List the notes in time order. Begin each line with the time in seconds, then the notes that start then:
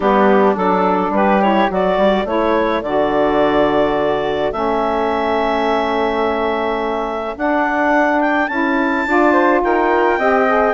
0.00 G3 B3 D4 G4
0.54 F#3 D4 A4
1.10 G3 G4 B4
1.40 E4 C#5
1.68 F#3 F#4 A4 D5
1.97 G3
2.25 A3 E4 C#5
2.82 D3 F#4 D5
4.52 A3 C#4 E5
7.36 D4 F#5
8.20 G5
8.48 C#4 E4 A5
9.06 D4 F4 D5
9.32 C5
9.63 D#4 A#4 G5
10.18 C4 G4 D#5
10.46 G#4